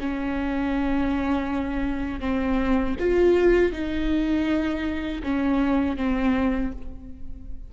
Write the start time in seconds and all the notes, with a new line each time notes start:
0.00 C#4
2.21 C4
2.99 F4
3.72 D#4
5.23 C#4
5.97 C4